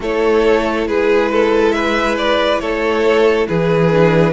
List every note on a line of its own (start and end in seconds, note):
0.00 0.86 A3
0.00 3.91 E4
0.00 0.87 A4
0.00 0.87 C#5
0.86 2.60 G#3
0.86 1.31 G#4
0.86 1.71 B4
1.31 1.75 A4
1.71 2.60 B4
1.71 2.15 E5
2.17 2.59 D5
2.59 3.47 A3
2.59 3.47 A4
2.59 3.46 C#5
3.48 4.32 E3
3.48 4.32 G#4
3.48 4.32 B4
3.91 4.32 D4